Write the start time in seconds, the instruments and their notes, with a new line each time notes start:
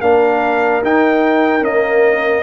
0.00 tuba A#3, trombone D4, horn A#4, trumpet F5
0.82 tuba D#4, trombone D#4, trumpet G5
1.61 trombone A#3, tuba C#4, trumpet D#5